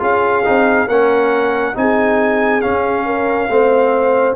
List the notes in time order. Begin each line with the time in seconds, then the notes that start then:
0.00 C#4 F4 G#4 F5
0.45 C4 D#4
0.87 A#3 C#4 A#4 F#5
1.75 C4 D#4 G#4 G#5
2.62 C#4 F5
3.06 A#4
3.49 A3 C4 C5